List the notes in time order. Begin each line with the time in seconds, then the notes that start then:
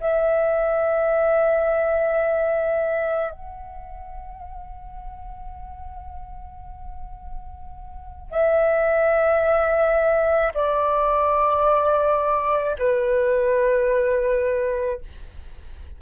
0.00 E5
3.31 F#5
8.30 E5
10.54 D5
12.79 B4